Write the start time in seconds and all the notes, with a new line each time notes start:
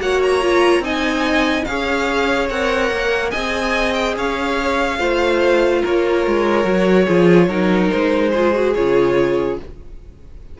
0.00 A#3 F#4 C#5 F#5
0.22 A#5
0.41 F4
0.79 C4 D#4 D#5 G#5
1.64 C#4 G#4 C#5 F5
2.49 C4 A#4 F#5
2.90 A#3
3.30 C4 G#4 D#5 G#5
3.93 G5
4.16 C#4 C#5 F5
4.98 A3 F4 C5
5.81 A#3 A#4 C#5
6.26 G#3
6.64 F#3 F#4
7.05 F3 F4 G#4
7.48 F#3 D#4 A#4
7.90 G#3 C5
8.33 F4 G#4
8.53 F#4
8.74 C#3 F4 C#5